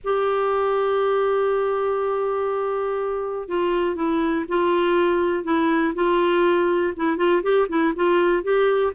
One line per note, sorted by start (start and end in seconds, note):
0.04 3.48 G4
3.48 3.95 F4
3.95 4.45 E4
4.48 5.44 F4
5.44 5.93 E4
5.94 6.93 F4
6.96 7.17 E4
7.17 7.42 F4
7.42 7.67 G4
7.69 7.93 E4
7.95 8.43 F4
8.43 8.92 G4